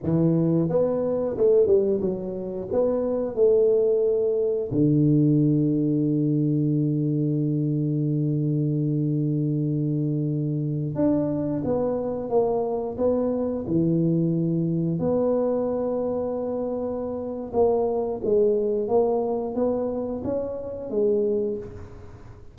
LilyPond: \new Staff \with { instrumentName = "tuba" } { \time 4/4 \tempo 4 = 89 e4 b4 a8 g8 fis4 | b4 a2 d4~ | d1~ | d1~ |
d16 d'4 b4 ais4 b8.~ | b16 e2 b4.~ b16~ | b2 ais4 gis4 | ais4 b4 cis'4 gis4 | }